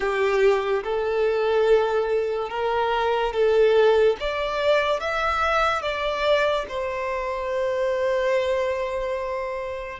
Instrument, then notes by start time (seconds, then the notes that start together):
violin
0.00 G4
0.83 A4
2.49 A#4
3.33 A4
4.20 D5
5.00 E5
5.82 D5
6.68 C5